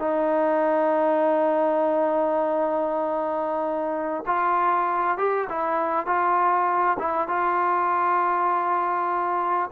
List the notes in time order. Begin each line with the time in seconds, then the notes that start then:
0.00 D#4
4.27 F4
5.18 G4
5.50 E4
6.07 F4
6.99 E4
7.29 F4